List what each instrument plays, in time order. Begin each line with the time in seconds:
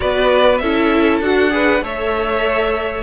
0.00 cello B3, viola F#4, violin B4 D5
0.57 cello C#4, viola E4, violin A4 E5
1.21 cello D4, viola F#4, violin F#5
1.50 viola G#4, violin B4
1.81 cello A3, viola A4, violin C#5 E5